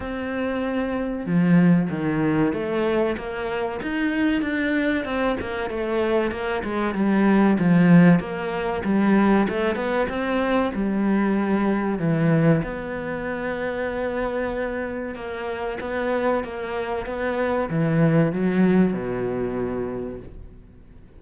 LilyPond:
\new Staff \with { instrumentName = "cello" } { \time 4/4 \tempo 4 = 95 c'2 f4 dis4 | a4 ais4 dis'4 d'4 | c'8 ais8 a4 ais8 gis8 g4 | f4 ais4 g4 a8 b8 |
c'4 g2 e4 | b1 | ais4 b4 ais4 b4 | e4 fis4 b,2 | }